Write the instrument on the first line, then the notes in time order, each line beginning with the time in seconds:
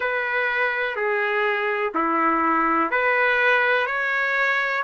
trumpet
0.00 B4
0.96 G#4
1.94 E4
2.90 B4
3.86 C#5